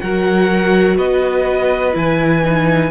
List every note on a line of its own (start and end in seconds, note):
0.00 0.98 F#3
0.00 1.93 F#4
0.00 0.97 A#4
0.00 0.97 F#5
0.97 1.95 B3
0.97 2.91 B4
0.97 1.95 D#5
1.93 2.91 E3
1.93 2.42 E4
1.93 2.91 G#5
2.44 2.91 D#4